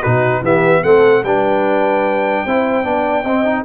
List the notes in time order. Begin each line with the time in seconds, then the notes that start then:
0.00 B2 D#4 F#4 B4
0.42 E3 B3 G4 E5
0.82 A3 C4 A4 F#5
1.23 G3 D4 B4 G5
2.46 C4 E4 C5
2.84 B3 D4 D5
3.24 C4 D#5
3.45 D#4